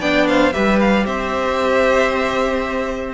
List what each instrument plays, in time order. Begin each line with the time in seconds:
0.00 cello B3, viola D4, violin D5 G5
0.28 violin C5 F5
0.53 cello G3, viola G4, violin B4 E5
0.80 violin F5
1.06 cello C4, violin C5 E5